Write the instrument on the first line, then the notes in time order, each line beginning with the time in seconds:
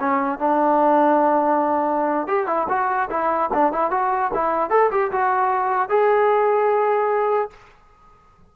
trombone
0.00 C#4
0.39 D4
2.28 G4
2.47 E4
2.69 F#4
3.10 E4
3.54 D4
3.73 E4
3.91 F#4
4.34 E4
4.70 A4
4.91 G4
5.12 F#4
5.89 G#4